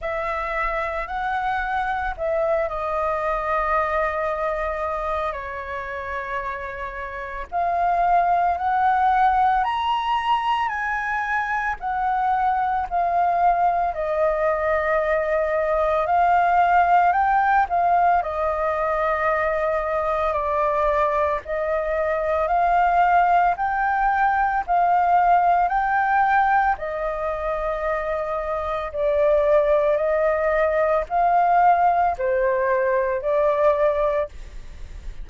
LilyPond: \new Staff \with { instrumentName = "flute" } { \time 4/4 \tempo 4 = 56 e''4 fis''4 e''8 dis''4.~ | dis''4 cis''2 f''4 | fis''4 ais''4 gis''4 fis''4 | f''4 dis''2 f''4 |
g''8 f''8 dis''2 d''4 | dis''4 f''4 g''4 f''4 | g''4 dis''2 d''4 | dis''4 f''4 c''4 d''4 | }